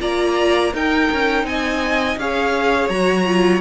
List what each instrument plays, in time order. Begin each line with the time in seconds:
0.00 cello A#3, viola F4, violin D5 A#5
0.73 cello D#4, viola D#4, violin A#4 G5
1.12 cello C#4
1.44 cello C4, violin D#5 G#5
2.17 cello C#4, viola G#4, violin C#5 F5
2.89 cello F#3, viola F#4, violin A#5
3.27 viola F4